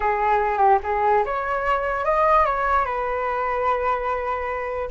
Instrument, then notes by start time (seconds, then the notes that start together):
flute
0.00 G#4
0.58 G4
0.83 G#4
1.25 C#5
2.05 D#5
2.45 C#5
2.85 B4